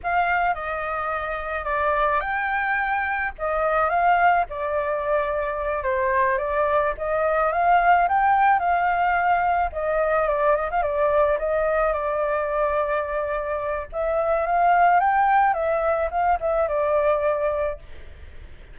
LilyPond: \new Staff \with { instrumentName = "flute" } { \time 4/4 \tempo 4 = 108 f''4 dis''2 d''4 | g''2 dis''4 f''4 | d''2~ d''8 c''4 d''8~ | d''8 dis''4 f''4 g''4 f''8~ |
f''4. dis''4 d''8 dis''16 f''16 d''8~ | d''8 dis''4 d''2~ d''8~ | d''4 e''4 f''4 g''4 | e''4 f''8 e''8 d''2 | }